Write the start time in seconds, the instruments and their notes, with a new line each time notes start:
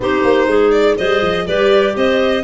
0.00 tuba C4, clarinet D#4 G4, violin C5
0.24 tuba A#3
0.47 tuba G#3, clarinet G#4
0.70 violin D5
0.97 tuba G3, clarinet G#4 C5, violin D#5
1.21 tuba F3
1.46 tuba G3, clarinet G4 B4, violin D5
1.95 tuba C4, clarinet C5, violin D#5